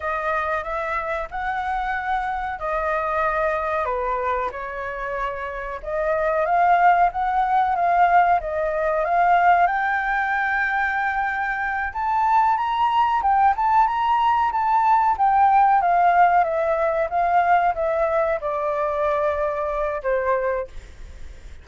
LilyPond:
\new Staff \with { instrumentName = "flute" } { \time 4/4 \tempo 4 = 93 dis''4 e''4 fis''2 | dis''2 b'4 cis''4~ | cis''4 dis''4 f''4 fis''4 | f''4 dis''4 f''4 g''4~ |
g''2~ g''8 a''4 ais''8~ | ais''8 g''8 a''8 ais''4 a''4 g''8~ | g''8 f''4 e''4 f''4 e''8~ | e''8 d''2~ d''8 c''4 | }